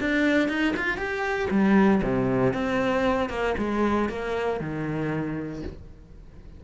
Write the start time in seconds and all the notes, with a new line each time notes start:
0.00 D4
0.48 D#4
0.76 F4
0.97 G4
1.51 G3
2.03 C3
2.53 C4
3.29 A#3
3.58 G#3
4.09 A#3
4.60 D#3